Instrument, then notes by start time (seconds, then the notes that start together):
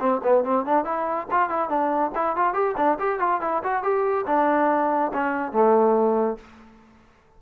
trombone
0.00 C4
0.23 B3
0.44 C4
0.66 D4
0.85 E4
1.31 F4
1.50 E4
1.69 D4
2.15 E4
2.36 F4
2.54 G4
2.77 D4
2.99 G4
3.20 F4
3.41 E4
3.64 F#4
3.83 G4
4.27 D4
5.13 C#4
5.52 A3